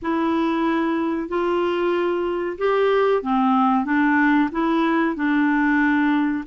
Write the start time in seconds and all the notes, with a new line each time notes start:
0.02 E4
1.28 F4
2.58 G4
3.22 C4
3.84 D4
4.51 E4
5.15 D4